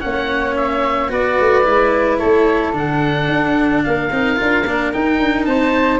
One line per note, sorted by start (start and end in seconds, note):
0.00 1.11 A#3
0.00 1.08 C#4
0.00 1.10 C#5
0.00 0.55 F#5
0.56 1.11 E5
1.08 1.38 B3
1.08 1.63 F#4
1.08 2.19 B4
1.08 2.18 D5
1.40 1.66 A3
1.64 2.21 G#3
1.64 2.73 E4
2.18 2.73 A3
2.18 3.82 A4
2.18 2.72 C#5
2.73 3.28 D3
2.73 4.09 D4
2.73 3.84 F#5
3.28 3.82 D4
3.84 4.11 A#3
3.84 5.48 A#4
3.84 4.92 F5
4.11 4.38 C4
4.11 4.36 D#4
4.36 4.65 D4
4.36 4.63 F4
4.65 4.92 A#3
4.65 4.92 D4
4.92 6.00 D#4
4.92 5.20 D#4
4.92 5.45 G5
5.20 5.46 D4
5.45 6.00 C4
5.45 6.00 C5
5.45 5.99 A5